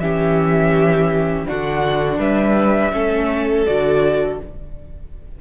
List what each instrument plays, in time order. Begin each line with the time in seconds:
0.00 cello E3, viola C#4, violin G4 E5
1.47 cello D3, viola D4, violin F#4 F#5
2.19 cello G3, violin B4 E5
2.93 cello A3, viola C#4, violin A4
3.67 cello D3, viola F#4, violin D5